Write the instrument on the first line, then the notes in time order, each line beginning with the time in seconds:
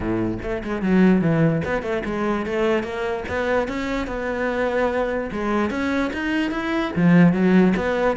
cello
0.00 A2
0.42 A3
0.63 G#3
0.81 F#3
1.21 E3
1.65 B3
1.82 A3
2.05 G#3
2.46 A3
2.83 A#3
3.28 B3
3.68 C#4
4.07 B3
5.32 G#3
5.70 C#4
6.13 D#4
6.51 E4
6.96 F3
7.32 F#3
7.76 B3